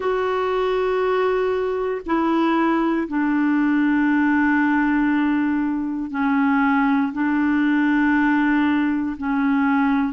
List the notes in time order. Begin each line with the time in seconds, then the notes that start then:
0.00 F#4
2.06 E4
3.07 D4
6.10 C#4
7.12 D4
9.17 C#4